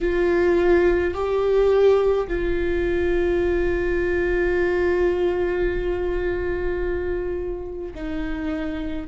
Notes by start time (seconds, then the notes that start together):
0.01 F4
1.13 G4
2.27 F4
7.95 D#4